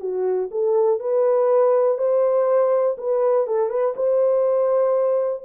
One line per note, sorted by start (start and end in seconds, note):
0.00 0.49 F#4
0.51 1.00 A4
1.00 1.98 B4
1.98 2.96 C5
2.98 3.47 B4
3.47 3.69 A4
3.69 3.94 B4
3.96 5.43 C5